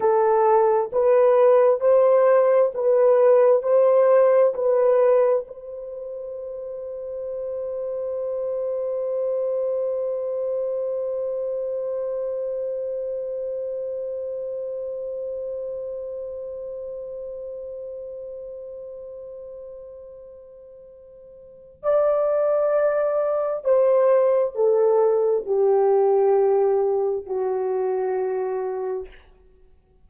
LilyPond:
\new Staff \with { instrumentName = "horn" } { \time 4/4 \tempo 4 = 66 a'4 b'4 c''4 b'4 | c''4 b'4 c''2~ | c''1~ | c''1~ |
c''1~ | c''1 | d''2 c''4 a'4 | g'2 fis'2 | }